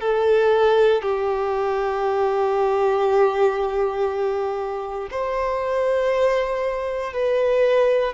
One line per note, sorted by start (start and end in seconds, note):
0.00 1.02 A4
1.02 5.08 G4
5.10 7.13 C5
7.13 8.13 B4